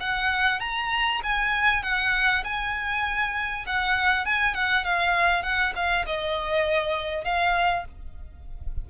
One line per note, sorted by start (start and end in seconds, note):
0.00 0.60 F#5
0.60 1.21 A#5
1.23 1.83 G#5
1.83 2.44 F#5
2.44 3.65 G#5
3.67 4.26 F#5
4.26 4.55 G#5
4.55 4.85 F#5
4.85 5.43 F5
5.43 5.73 F#5
5.75 6.06 F5
6.06 7.24 D#5
7.24 7.85 F5